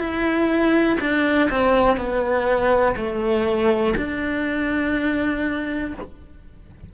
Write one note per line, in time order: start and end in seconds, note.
0.00 0.98 E4
1.00 1.49 D4
1.51 1.97 C4
1.97 2.96 B3
2.96 3.94 A3
3.97 5.94 D4